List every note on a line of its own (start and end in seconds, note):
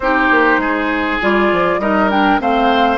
0.00 0.29 C4
0.00 1.21 D#4
0.00 0.60 G4
0.00 1.20 C5
0.30 0.57 A#3
0.57 1.17 G#3
0.57 1.80 G#4
1.21 1.52 G3
1.21 1.81 F4
1.21 1.79 D5
1.52 1.78 F3
1.78 2.38 G3
1.78 2.10 D#4
1.78 2.41 A#4
1.78 2.09 D#5
2.10 2.40 D4
2.10 2.40 G5
2.40 2.98 A3
2.40 2.98 C4
2.40 2.98 C5
2.40 2.98 F5